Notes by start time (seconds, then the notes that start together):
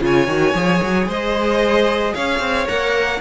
0.00 C#3 F4 C#5 G#5
0.26 D#3 F#4
0.54 F3 G#4
0.82 F#3
1.07 G#3 C5 D#5
2.14 C#4 C#5 F5
2.39 C4
2.67 A#3 A#4 F#5